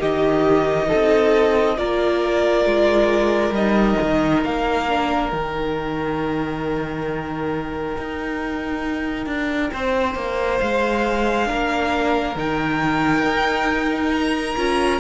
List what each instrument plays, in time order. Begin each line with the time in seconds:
0.00 cello D#3, viola D#4, violin G4 D#5
0.88 violin A4
0.95 cello C4
1.77 cello A#3, viola F4, violin A#4 D5
2.66 cello G#3
3.51 cello G3, violin D#5
3.57 viola D#4
4.02 cello D#3
4.44 cello A#3, violin F5
4.88 viola D4
5.31 cello D#3, viola D#4, violin G5
7.98 cello D#4
9.27 cello D4
9.73 cello C4, violin C5
10.15 cello A#3
10.59 cello G#3, violin F5
11.46 cello A#3, viola D4, violin A#4
12.36 cello D#3, viola D#4, violin G5
13.24 cello D#4
14.14 violin A#5
14.57 cello C#4, viola F4